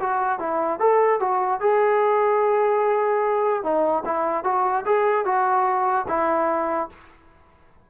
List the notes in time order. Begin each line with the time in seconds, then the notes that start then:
0.00 F#4
0.39 E4
0.79 A4
1.20 F#4
1.60 G#4
3.63 D#4
4.05 E4
4.44 F#4
4.85 G#4
5.25 F#4
6.08 E4